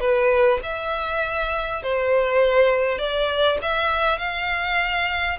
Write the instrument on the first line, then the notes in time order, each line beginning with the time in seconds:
violin
0.00 B4
0.62 E5
1.82 C5
2.98 D5
3.62 E5
4.18 F5